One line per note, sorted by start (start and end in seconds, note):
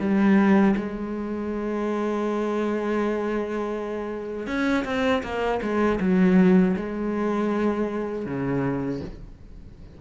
0.00 0.75 G3
0.77 4.47 G#3
4.47 4.84 C#4
4.85 5.23 C4
5.23 5.61 A#3
5.62 6.00 G#3
6.01 6.76 F#3
6.77 8.26 G#3
8.26 9.01 C#3